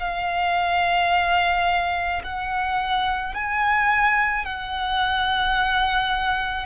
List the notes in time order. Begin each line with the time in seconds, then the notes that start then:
0.00 F5
2.24 F#5
3.34 G#5
4.45 F#5